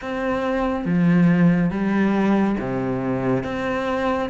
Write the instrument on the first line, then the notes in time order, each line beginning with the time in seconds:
cello
0.01 C4
0.85 F3
1.70 G3
2.59 C3
3.43 C4